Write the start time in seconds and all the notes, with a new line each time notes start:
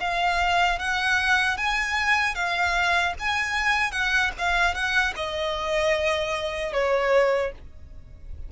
0.00 F5
0.79 F#5
1.57 G#5
2.35 F5
3.19 G#5
3.92 F#5
4.39 F5
4.74 F#5
5.16 D#5
6.73 C#5